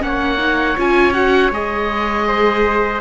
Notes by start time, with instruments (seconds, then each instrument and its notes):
0.00 cello A#3, viola C#4, oboe F#5
0.06 trumpet C#5
0.38 viola D#4
0.78 cello C#4, viola F4, oboe G#5
1.13 viola F#4, oboe F#5
1.51 cello G#3, viola G#4, oboe D#5
2.27 trumpet C5